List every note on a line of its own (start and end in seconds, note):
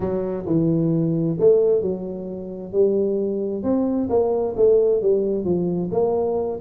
0.00 0.45 F#3
0.45 1.36 E3
1.39 1.81 A3
1.81 2.72 F#3
2.72 3.63 G3
3.63 4.08 C4
4.09 4.55 A#3
4.56 5.01 A3
5.01 5.44 G3
5.44 5.89 F3
5.91 6.59 A#3